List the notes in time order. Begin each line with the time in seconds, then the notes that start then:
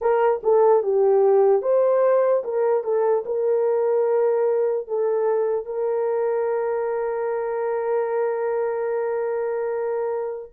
0.01 A#4
0.43 A4
0.82 G4
1.62 C5
2.44 A#4
2.83 A4
3.25 A#4
4.87 A4
5.65 A#4